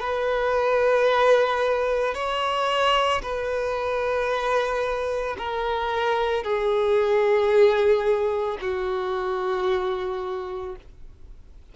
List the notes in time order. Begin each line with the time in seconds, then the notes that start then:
0.00 B4
2.14 C#5
3.22 B4
5.38 A#4
6.44 G#4
8.61 F#4